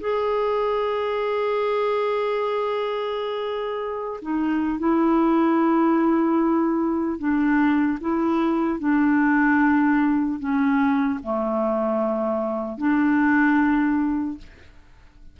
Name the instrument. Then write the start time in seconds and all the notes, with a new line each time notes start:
clarinet
0.00 G#4
4.22 D#4
4.79 E4
7.19 D4
8.00 E4
8.79 D4
10.39 C#4
11.23 A3
12.77 D4